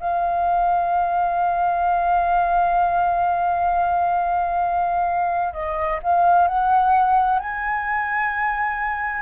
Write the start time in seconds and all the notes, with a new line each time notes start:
0.00 F5
5.53 D#5
6.03 F5
6.48 F#5
7.39 G#5